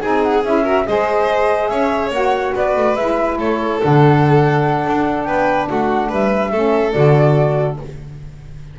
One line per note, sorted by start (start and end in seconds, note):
0.00 0.44 C4
0.00 0.44 D#4
0.00 0.63 G#4
0.00 0.21 G#5
0.22 0.43 F#5
0.44 0.86 C#4
0.44 0.64 E4
0.44 0.86 E5
0.63 0.85 F#4
0.63 0.84 A#4
0.86 1.70 G#3
0.86 2.12 G#4
0.86 1.70 C5
0.86 1.68 D#5
1.68 2.10 C#4
1.68 2.54 C#5
1.68 2.10 E5
2.10 2.52 A#3
2.10 2.96 F#4
2.10 2.55 F#5
2.54 2.76 B3
2.54 3.37 B4
2.54 2.96 D5
2.76 2.95 A3
2.95 3.37 G#3
2.95 3.79 E4
2.95 3.38 E5
3.37 3.80 A3
3.37 5.26 A4
3.37 3.81 C#5
3.79 4.86 D3
3.79 6.52 D4
3.79 5.24 F#5
4.86 5.26 D4
5.24 5.68 B3
5.24 5.69 B4
5.24 5.65 G5
5.70 6.11 A3
5.70 6.08 F#4
5.70 6.12 F#5
6.08 6.53 G3
6.08 6.50 B4
6.08 6.92 E5
6.51 6.94 A3
6.51 6.93 C#4
6.51 7.77 A4
6.92 7.79 D3
6.92 7.77 F#4
6.92 7.76 D5